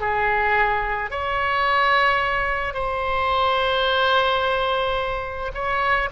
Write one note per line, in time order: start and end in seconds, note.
0.00 1.11 G#4
1.11 2.74 C#5
2.74 5.52 C5
5.54 6.09 C#5